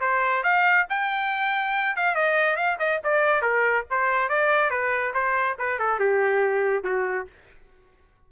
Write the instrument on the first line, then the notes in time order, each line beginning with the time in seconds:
trumpet
0.00 C5
0.43 F5
0.89 G5
1.96 F5
2.15 D#5
2.56 F5
2.79 D#5
3.04 D5
3.41 A#4
3.90 C5
4.29 D5
4.70 B4
5.14 C5
5.58 B4
5.79 A4
5.99 G4
6.84 F#4